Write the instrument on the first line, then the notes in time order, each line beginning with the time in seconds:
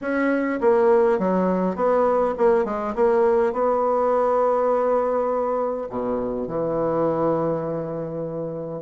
bassoon
0.01 C#4
0.60 A#3
1.18 F#3
1.75 B3
2.37 A#3
2.65 G#3
2.95 A#3
3.52 B3
5.89 B2
6.47 E3